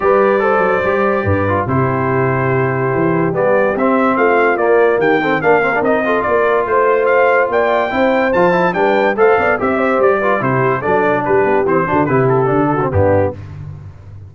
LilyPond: <<
  \new Staff \with { instrumentName = "trumpet" } { \time 4/4 \tempo 4 = 144 d''1 | c''1 | d''4 e''4 f''4 d''4 | g''4 f''4 dis''4 d''4 |
c''4 f''4 g''2 | a''4 g''4 f''4 e''4 | d''4 c''4 d''4 b'4 | c''4 b'8 a'4. g'4 | }
  \new Staff \with { instrumentName = "horn" } { \time 4/4 b'4 c''2 b'4 | g'1~ | g'2 f'2 | g'8 a'8 ais'4. a'8 ais'4 |
c''2 d''4 c''4~ | c''4 b'4 c''8 d''8 e''8 c''8~ | c''8 b'8 g'4 a'4 g'4~ | g'8 fis'8 g'4. fis'8 d'4 | }
  \new Staff \with { instrumentName = "trombone" } { \time 4/4 g'4 a'4 g'4. f'8 | e'1 | b4 c'2 ais4~ | ais8 c'8 d'8 c'16 d'16 dis'8 f'4.~ |
f'2. e'4 | f'8 e'8 d'4 a'4 g'4~ | g'8 f'8 e'4 d'2 | c'8 d'8 e'4 d'8. c'16 b4 | }
  \new Staff \with { instrumentName = "tuba" } { \time 4/4 g4. fis8 g4 g,4 | c2. e4 | g4 c'4 a4 ais4 | dis4 ais4 c'4 ais4 |
a2 ais4 c'4 | f4 g4 a8 b8 c'4 | g4 c4 fis4 g8 b8 | e8 d8 c4 d4 g,4 | }
>>